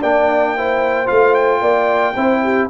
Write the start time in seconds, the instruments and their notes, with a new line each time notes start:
0.00 tuba A#3, trombone D4, horn D5, trumpet G5
0.55 trombone E4, horn C5
1.06 tuba A3, trombone F4, trumpet F5
1.34 trumpet G5
1.61 tuba A#3, horn D5
2.15 tuba C4, trombone E4, horn C5
2.43 horn G4